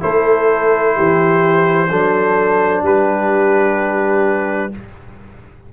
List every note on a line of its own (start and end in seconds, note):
0.00 0.97 A3
0.00 1.88 E4
0.00 0.96 A4
0.00 2.83 C5
0.96 1.91 E3
0.96 1.89 G4
1.89 2.82 F#3
1.89 4.72 D4
1.89 2.83 A4
2.82 4.70 G3
2.82 4.71 G4
2.82 4.73 B4